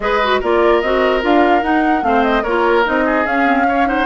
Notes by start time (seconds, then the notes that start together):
0.00 G#3 G#4 B4 D#5
0.23 F#4
0.40 A#3 F4 A#4 D5
0.81 C4 F#4 D#5
1.21 D4 F4 F5
1.62 D#4 F#5
2.02 A3 C4 C5 F5
2.23 D#5
2.43 A#3 F4 A#4 C#5
2.84 C4 D#4 D#5
3.05 G#4
3.25 C#4 F5
3.45 C4
3.68 C#4 C#5
3.85 D#4 C5 F#5